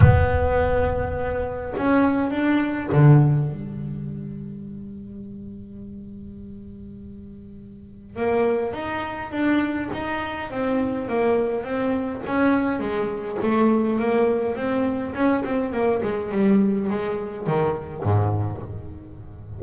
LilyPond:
\new Staff \with { instrumentName = "double bass" } { \time 4/4 \tempo 4 = 103 b2. cis'4 | d'4 d4 g2~ | g1~ | g2 ais4 dis'4 |
d'4 dis'4 c'4 ais4 | c'4 cis'4 gis4 a4 | ais4 c'4 cis'8 c'8 ais8 gis8 | g4 gis4 dis4 gis,4 | }